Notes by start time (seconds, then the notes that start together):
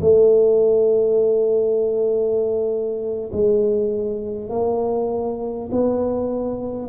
0.00 A3
3.32 G#3
4.49 A#3
5.71 B3